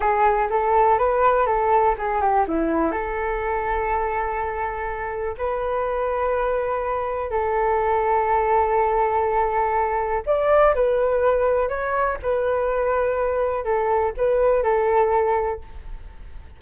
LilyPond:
\new Staff \with { instrumentName = "flute" } { \time 4/4 \tempo 4 = 123 gis'4 a'4 b'4 a'4 | gis'8 g'8 e'4 a'2~ | a'2. b'4~ | b'2. a'4~ |
a'1~ | a'4 d''4 b'2 | cis''4 b'2. | a'4 b'4 a'2 | }